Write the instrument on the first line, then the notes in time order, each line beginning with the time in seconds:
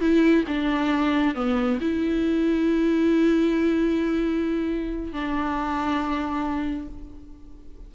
viola
0.00 E4
0.47 D4
1.35 B3
1.81 E4
5.13 D4